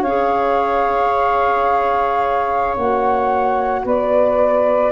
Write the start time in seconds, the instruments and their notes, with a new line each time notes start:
0.00 tuba C#4, saxophone C#5, flute F5
0.07 clarinet G#4
2.77 tuba A#3, clarinet F#4, flute F#5
3.85 tuba B3, saxophone B4, flute D5